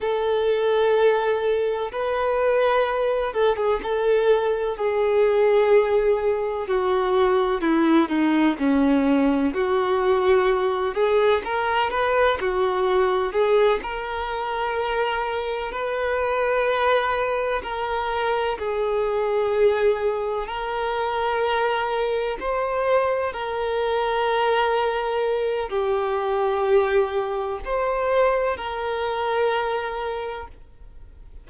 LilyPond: \new Staff \with { instrumentName = "violin" } { \time 4/4 \tempo 4 = 63 a'2 b'4. a'16 gis'16 | a'4 gis'2 fis'4 | e'8 dis'8 cis'4 fis'4. gis'8 | ais'8 b'8 fis'4 gis'8 ais'4.~ |
ais'8 b'2 ais'4 gis'8~ | gis'4. ais'2 c''8~ | c''8 ais'2~ ais'8 g'4~ | g'4 c''4 ais'2 | }